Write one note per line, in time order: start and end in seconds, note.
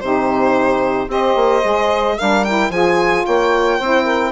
0.00 1.08 C3
0.00 1.08 D#4
0.00 1.08 G4
0.00 1.08 C5
1.08 1.35 C4
1.08 1.62 G4
1.08 2.16 C5
1.08 2.19 D#5
1.35 1.62 A#3
1.63 2.18 G#3
1.63 2.17 G#4
2.18 2.69 G3
2.18 2.46 D4
2.18 2.71 A#4
2.18 2.44 F5
2.44 2.71 E4
2.44 2.71 G5
2.69 3.23 F3
2.69 3.80 F4
2.69 3.25 G#4
2.69 3.25 G#5
3.25 3.80 A#3
3.25 3.77 C#5
3.25 4.32 G5
3.77 4.32 C4
3.77 4.32 E4
3.77 4.03 C5
4.03 4.30 A#4